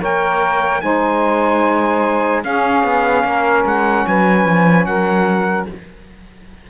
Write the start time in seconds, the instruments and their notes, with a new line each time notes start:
0.00 cello A#3, saxophone A#4 C#5, trumpet G5
0.81 cello G#3, saxophone D#4 C5, trumpet G#5
2.43 cello C#4, saxophone C#4 G#4, trumpet F5
2.84 cello B3
3.24 cello A#3, saxophone A#4
3.65 cello G#3, trumpet F#5
4.07 cello F#3, saxophone B4, trumpet G#5
4.46 cello F3
4.85 cello F#3, saxophone A#4, trumpet F#5